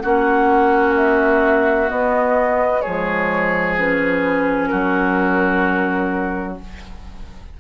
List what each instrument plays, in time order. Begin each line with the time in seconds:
0.00 bassoon A#3, clarinet C#4, oboe F#4, flute F#5
0.96 flute E5
1.88 clarinet B3, bassoon B3, flute D#5
2.81 bassoon F3, clarinet G#3, oboe G#4, flute C#5
3.79 clarinet C#4, flute B4
4.67 bassoon F#3, oboe F#4, flute A#4